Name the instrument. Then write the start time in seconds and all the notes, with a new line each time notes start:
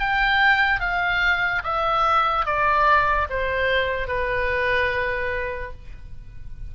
oboe
0.00 G5
0.80 F5
1.64 E5
2.46 D5
3.30 C5
4.08 B4